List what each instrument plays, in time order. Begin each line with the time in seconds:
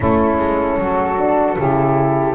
0.00 double bass A3, horn C#4, saxophone E4, flute A4
0.38 double bass G#3
0.78 double bass F#3, saxophone F#4
1.17 horn D4
1.57 double bass C#3, horn E4, saxophone G4